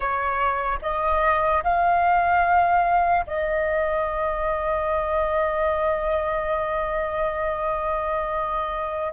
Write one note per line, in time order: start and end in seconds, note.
0.00 0.79 C#5
0.81 1.63 D#5
1.63 3.25 F5
3.27 9.12 D#5